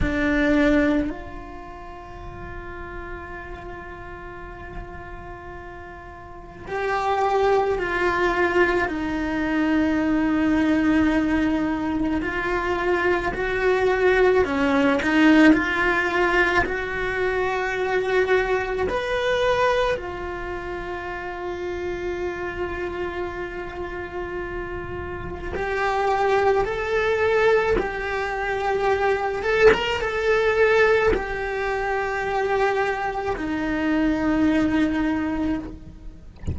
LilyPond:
\new Staff \with { instrumentName = "cello" } { \time 4/4 \tempo 4 = 54 d'4 f'2.~ | f'2 g'4 f'4 | dis'2. f'4 | fis'4 cis'8 dis'8 f'4 fis'4~ |
fis'4 b'4 f'2~ | f'2. g'4 | a'4 g'4. a'16 ais'16 a'4 | g'2 dis'2 | }